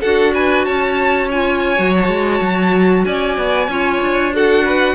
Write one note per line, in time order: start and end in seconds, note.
0.00 0.67 D4
0.00 1.30 F#4
0.00 0.32 A4
0.00 0.33 F#5
0.34 0.65 B4
0.34 0.65 G#5
0.65 1.78 C#4
0.65 3.04 C#5
0.65 1.28 A5
1.30 1.76 F4
1.30 1.94 G#5
1.76 2.08 F#3
1.76 3.68 F#4
1.95 3.04 A5
2.08 2.39 G#3
2.41 3.04 F#3
3.04 3.37 C#4
3.04 3.70 D5
3.04 4.32 G#5
3.37 3.68 B3
3.68 3.99 C#4
3.68 4.32 F4
3.68 4.34 C#5
4.01 4.95 D4
4.32 4.95 F#4
4.32 4.63 A4
4.32 4.95 F#5
4.63 4.95 B4